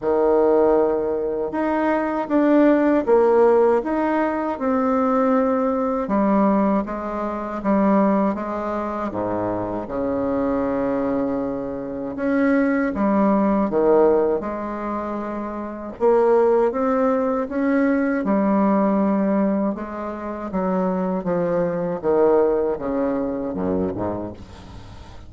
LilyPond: \new Staff \with { instrumentName = "bassoon" } { \time 4/4 \tempo 4 = 79 dis2 dis'4 d'4 | ais4 dis'4 c'2 | g4 gis4 g4 gis4 | gis,4 cis2. |
cis'4 g4 dis4 gis4~ | gis4 ais4 c'4 cis'4 | g2 gis4 fis4 | f4 dis4 cis4 fis,8 gis,8 | }